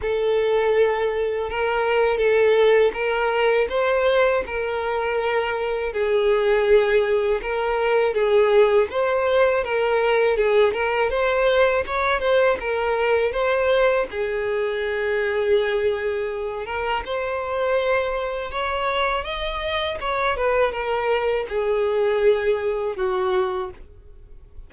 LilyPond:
\new Staff \with { instrumentName = "violin" } { \time 4/4 \tempo 4 = 81 a'2 ais'4 a'4 | ais'4 c''4 ais'2 | gis'2 ais'4 gis'4 | c''4 ais'4 gis'8 ais'8 c''4 |
cis''8 c''8 ais'4 c''4 gis'4~ | gis'2~ gis'8 ais'8 c''4~ | c''4 cis''4 dis''4 cis''8 b'8 | ais'4 gis'2 fis'4 | }